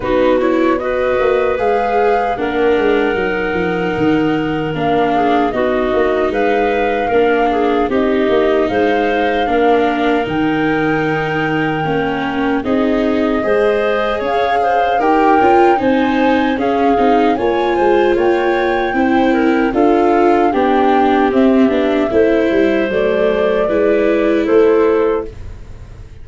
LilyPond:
<<
  \new Staff \with { instrumentName = "flute" } { \time 4/4 \tempo 4 = 76 b'8 cis''8 dis''4 f''4 fis''4~ | fis''2 f''4 dis''4 | f''2 dis''4 f''4~ | f''4 g''2. |
dis''2 f''4 g''4 | gis''4 f''4 gis''4 g''4~ | g''4 f''4 g''4 e''4~ | e''4 d''2 c''4 | }
  \new Staff \with { instrumentName = "clarinet" } { \time 4/4 fis'4 b'2 ais'4~ | ais'2~ ais'8 gis'8 fis'4 | b'4 ais'8 gis'8 g'4 c''4 | ais'1 |
gis'4 c''4 cis''8 c''8 ais'4 | c''4 gis'4 cis''8 c''8 cis''4 | c''8 ais'8 a'4 g'2 | c''2 b'4 a'4 | }
  \new Staff \with { instrumentName = "viola" } { \time 4/4 dis'8 e'8 fis'4 gis'4 d'4 | dis'2 d'4 dis'4~ | dis'4 d'4 dis'2 | d'4 dis'2 cis'4 |
dis'4 gis'2 g'8 f'8 | dis'4 cis'8 dis'8 f'2 | e'4 f'4 d'4 c'8 d'8 | e'4 a4 e'2 | }
  \new Staff \with { instrumentName = "tuba" } { \time 4/4 b4. ais8 gis4 ais8 gis8 | fis8 f8 dis4 ais4 b8 ais8 | gis4 ais4 c'8 ais8 gis4 | ais4 dis2 ais4 |
c'4 gis4 cis'4 dis'8 cis'8 | c'4 cis'8 c'8 ais8 gis8 ais4 | c'4 d'4 b4 c'8 b8 | a8 g8 fis4 gis4 a4 | }
>>